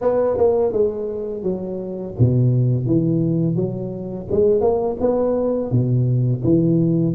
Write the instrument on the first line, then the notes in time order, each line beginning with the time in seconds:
tuba
0.01 B3
0.37 A#3
0.72 G#3
1.43 F#3
2.19 B2
2.86 E3
3.55 F#3
4.31 G#3
4.60 A#3
5.00 B3
5.71 B2
6.44 E3